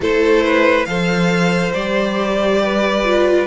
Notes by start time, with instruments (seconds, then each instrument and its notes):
0.00 cello A3, viola E4, violin A4 C5
0.43 violin B4
0.85 cello F3, viola A4, violin C5 F5
1.73 cello G3, viola G4, violin D5
2.63 violin B4
3.04 viola F4